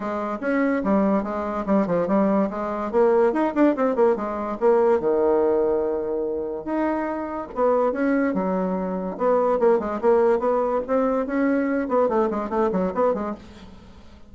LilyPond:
\new Staff \with { instrumentName = "bassoon" } { \time 4/4 \tempo 4 = 144 gis4 cis'4 g4 gis4 | g8 f8 g4 gis4 ais4 | dis'8 d'8 c'8 ais8 gis4 ais4 | dis1 |
dis'2 b4 cis'4 | fis2 b4 ais8 gis8 | ais4 b4 c'4 cis'4~ | cis'8 b8 a8 gis8 a8 fis8 b8 gis8 | }